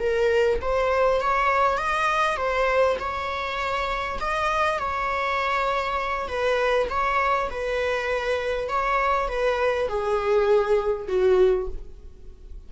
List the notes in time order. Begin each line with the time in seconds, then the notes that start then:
0.00 A#4
0.62 C5
1.21 C#5
1.78 D#5
2.37 C5
3.00 C#5
4.21 D#5
4.79 C#5
6.28 B4
6.90 C#5
7.51 B4
8.69 C#5
9.28 B4
9.88 G#4
11.08 F#4